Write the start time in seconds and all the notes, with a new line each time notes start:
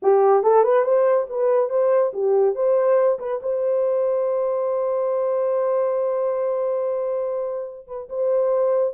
0.02 G4
0.43 A4
0.63 B4
0.84 C5
1.29 B4
1.69 C5
2.13 G4
2.55 C5
3.19 B4
3.42 C5
7.87 B4
8.09 C5